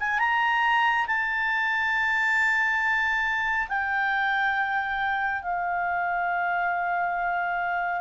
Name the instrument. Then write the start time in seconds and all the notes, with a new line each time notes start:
clarinet
0.00 G#5
0.19 A#5
1.07 A5
3.69 G5
5.42 F5